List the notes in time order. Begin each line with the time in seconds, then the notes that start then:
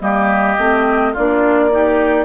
0.00 G3 A#3 G4 D#5
0.58 A3 C4
1.12 A#3 D4 F4 D5
1.70 D#4 G4